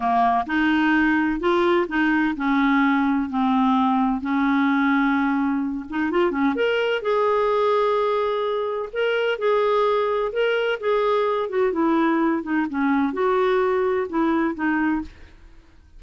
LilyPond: \new Staff \with { instrumentName = "clarinet" } { \time 4/4 \tempo 4 = 128 ais4 dis'2 f'4 | dis'4 cis'2 c'4~ | c'4 cis'2.~ | cis'8 dis'8 f'8 cis'8 ais'4 gis'4~ |
gis'2. ais'4 | gis'2 ais'4 gis'4~ | gis'8 fis'8 e'4. dis'8 cis'4 | fis'2 e'4 dis'4 | }